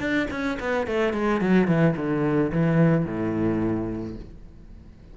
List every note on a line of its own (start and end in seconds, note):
0.00 0.28 D4
0.31 0.58 C#4
0.60 0.87 B3
0.87 1.13 A3
1.13 1.41 G#3
1.41 1.68 F#3
1.68 1.95 E3
1.97 2.52 D3
2.52 3.06 E3
3.06 4.16 A2